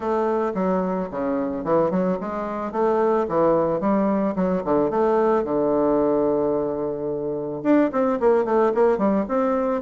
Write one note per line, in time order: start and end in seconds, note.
0.00 0.52 A3
0.54 1.09 F#3
1.11 1.64 C#3
1.64 1.90 E3
1.90 2.18 F#3
2.20 2.71 G#3
2.71 3.26 A3
3.28 3.80 E3
3.80 4.34 G3
4.35 4.62 F#3
4.64 4.90 D3
4.90 5.44 A3
5.44 7.62 D3
7.63 7.90 D4
7.91 8.19 C4
8.20 8.44 A#3
8.44 8.72 A3
8.74 8.98 A#3
8.98 9.25 G3
9.28 9.81 C4